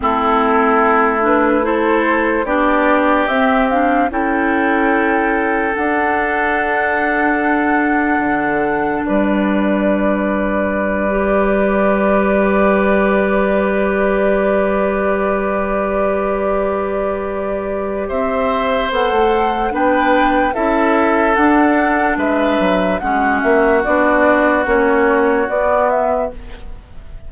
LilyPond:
<<
  \new Staff \with { instrumentName = "flute" } { \time 4/4 \tempo 4 = 73 a'4. b'8 c''4 d''4 | e''8 f''8 g''2 fis''4~ | fis''2. d''4~ | d''1~ |
d''1~ | d''2 e''4 fis''4 | g''4 e''4 fis''4 e''4 | fis''8 e''8 d''4 cis''4 d''8 e''8 | }
  \new Staff \with { instrumentName = "oboe" } { \time 4/4 e'2 a'4 g'4~ | g'4 a'2.~ | a'2. b'4~ | b'1~ |
b'1~ | b'2 c''2 | b'4 a'2 b'4 | fis'1 | }
  \new Staff \with { instrumentName = "clarinet" } { \time 4/4 c'4. d'8 e'4 d'4 | c'8 d'8 e'2 d'4~ | d'1~ | d'4. g'2~ g'8~ |
g'1~ | g'2. a'4 | d'4 e'4 d'2 | cis'4 d'4 cis'4 b4 | }
  \new Staff \with { instrumentName = "bassoon" } { \time 4/4 a2. b4 | c'4 cis'2 d'4~ | d'2 d4 g4~ | g1~ |
g1~ | g2 c'4 b16 a8. | b4 cis'4 d'4 gis8 fis8 | gis8 ais8 b4 ais4 b4 | }
>>